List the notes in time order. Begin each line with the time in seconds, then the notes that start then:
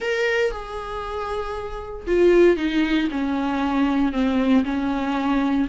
0.00 A#4
0.51 G#4
2.06 F4
2.57 D#4
3.11 C#4
4.12 C4
4.64 C#4